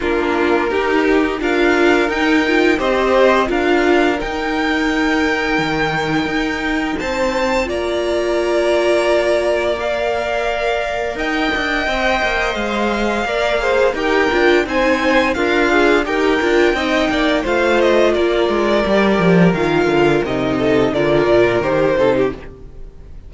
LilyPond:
<<
  \new Staff \with { instrumentName = "violin" } { \time 4/4 \tempo 4 = 86 ais'2 f''4 g''4 | dis''4 f''4 g''2~ | g''2 a''4 ais''4~ | ais''2 f''2 |
g''2 f''2 | g''4 gis''4 f''4 g''4~ | g''4 f''8 dis''8 d''2 | f''4 dis''4 d''4 c''4 | }
  \new Staff \with { instrumentName = "violin" } { \time 4/4 f'4 g'4 ais'2 | c''4 ais'2.~ | ais'2 c''4 d''4~ | d''1 |
dis''2. d''8 c''8 | ais'4 c''4 f'4 ais'4 | dis''8 d''8 c''4 ais'2~ | ais'4. a'8 ais'4. a'16 g'16 | }
  \new Staff \with { instrumentName = "viola" } { \time 4/4 d'4 dis'4 f'4 dis'8 f'8 | g'4 f'4 dis'2~ | dis'2. f'4~ | f'2 ais'2~ |
ais'4 c''2 ais'8 gis'8 | g'8 f'8 dis'4 ais'8 gis'8 g'8 f'8 | dis'4 f'2 g'4 | f'4 dis'4 f'4 g'8 dis'8 | }
  \new Staff \with { instrumentName = "cello" } { \time 4/4 ais4 dis'4 d'4 dis'4 | c'4 d'4 dis'2 | dis4 dis'4 c'4 ais4~ | ais1 |
dis'8 d'8 c'8 ais8 gis4 ais4 | dis'8 d'8 c'4 d'4 dis'8 d'8 | c'8 ais8 a4 ais8 gis8 g8 f8 | dis8 d8 c4 d8 ais,8 dis8 c8 | }
>>